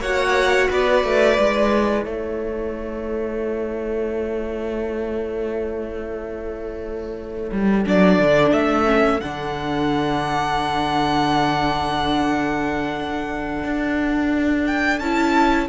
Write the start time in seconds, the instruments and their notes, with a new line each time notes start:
0.00 cello A#3, viola F#4, violin C#5 F#5
0.70 cello B3, violin B4 D5
1.04 cello A3
1.36 cello G#3, viola E4
2.04 cello A3, violin A4 C#5
7.52 cello G3
7.85 cello F#3, viola D4, violin D5
8.19 cello D3
8.52 cello A3, violin E5
8.85 viola C#4
9.20 cello D3, viola D4, violin F#5
13.64 cello D4
14.66 violin G5
14.99 cello C#4, viola E4, violin A5